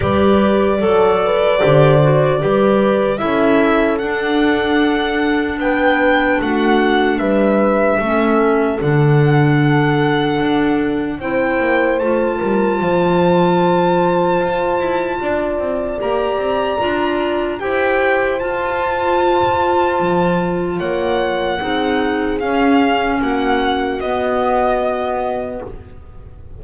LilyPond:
<<
  \new Staff \with { instrumentName = "violin" } { \time 4/4 \tempo 4 = 75 d''1 | e''4 fis''2 g''4 | fis''4 e''2 fis''4~ | fis''2 g''4 a''4~ |
a''1 | ais''2 g''4 a''4~ | a''2 fis''2 | f''4 fis''4 dis''2 | }
  \new Staff \with { instrumentName = "horn" } { \time 4/4 b'4 a'8 b'8 c''4 b'4 | a'2. b'4 | fis'4 b'4 a'2~ | a'2 c''4. ais'8 |
c''2. d''4~ | d''2 c''2~ | c''2 cis''4 gis'4~ | gis'4 fis'2. | }
  \new Staff \with { instrumentName = "clarinet" } { \time 4/4 g'4 a'4 g'8 fis'8 g'4 | e'4 d'2.~ | d'2 cis'4 d'4~ | d'2 e'4 f'4~ |
f'1 | g'4 f'4 g'4 f'4~ | f'2. dis'4 | cis'2 b2 | }
  \new Staff \with { instrumentName = "double bass" } { \time 4/4 g4 fis4 d4 g4 | cis'4 d'2 b4 | a4 g4 a4 d4~ | d4 d'4 c'8 ais8 a8 g8 |
f2 f'8 e'8 d'8 c'8 | ais8 c'8 d'4 e'4 f'4~ | f'4 f4 ais4 c'4 | cis'4 ais4 b2 | }
>>